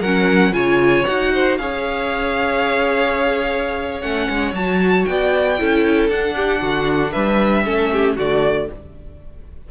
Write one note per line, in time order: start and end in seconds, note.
0.00 0.52 F#3
0.00 0.52 C#4
0.00 0.52 A#4
0.00 0.53 F#5
0.52 1.04 C#3
0.52 1.04 F4
0.52 1.33 C#5
0.52 1.05 G#5
1.05 1.59 D#4
1.05 1.59 F#4
1.05 1.57 F#5
1.33 1.59 C5
1.57 4.02 C#4
1.57 4.02 G#4
1.57 5.09 C#5
1.57 4.01 F5
4.01 4.28 A3
4.01 4.54 C#4
4.01 4.53 F#5
4.30 4.53 G#3
4.53 5.05 F#3
4.53 5.58 F#4
4.53 5.05 A5
5.05 5.60 B3
5.05 5.60 D5
5.05 6.08 G5
5.58 6.09 C#4
5.58 6.10 E4
5.58 6.35 A4
6.09 6.61 D4
6.09 7.65 D4
6.09 7.12 F#5
6.35 6.61 G4
6.61 7.13 D3
6.61 7.12 F#4
7.12 7.66 G3
7.12 7.63 B4
7.12 8.15 E5
7.65 8.17 A3
7.65 8.17 C#4
7.65 7.91 A4
7.92 8.16 G4
8.16 8.68 D3
8.16 8.70 A3
8.16 8.68 F#4
8.16 8.70 D5